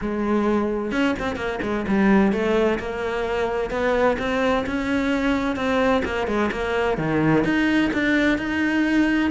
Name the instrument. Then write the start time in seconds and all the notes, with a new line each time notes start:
cello
0.01 G#3
0.91 C#4
1.19 C4
1.36 A#3
1.62 G#3
1.88 G3
2.32 A3
2.79 A#3
3.70 B3
4.18 C4
4.66 C#4
5.56 C4
6.04 A#3
6.27 G#3
6.51 A#3
6.97 D#3
7.44 D#4
7.93 D4
8.38 D#4